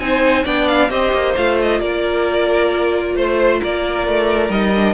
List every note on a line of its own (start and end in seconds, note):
0.00 0.45 C4
0.00 0.45 D#4
0.00 0.44 C5
0.00 0.45 G#5
0.44 0.90 B3
0.44 0.90 D4
0.44 0.89 D5
0.44 0.68 G5
0.68 0.90 F5
0.90 1.13 C4
0.90 1.35 G4
0.90 1.81 C5
0.90 1.36 D#5
1.14 1.36 A#3
1.36 1.81 A3
1.36 4.50 F4
1.36 1.59 F5
1.62 1.81 D#5
1.81 3.16 A#3
1.81 3.16 A#4
1.81 3.16 D5
3.16 3.61 A3
3.16 3.61 C5
3.16 3.62 C5
3.61 4.07 A#3
3.61 4.95 A#4
3.61 4.51 D5
4.07 4.50 A3
4.50 4.95 G3
4.50 4.72 D#4
4.50 4.95 D#5
4.76 4.95 D4